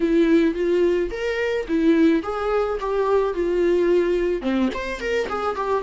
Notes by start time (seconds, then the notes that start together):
0.00 E4
0.54 F4
1.10 A#4
1.68 E4
2.22 G#4
2.80 G4
3.34 F4
4.41 C4
4.73 C5
4.99 A#4
5.29 G#4
5.55 G4